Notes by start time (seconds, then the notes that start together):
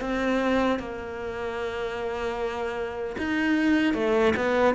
0.00 C4
0.79 A#3
3.18 D#4
3.94 A3
4.36 B3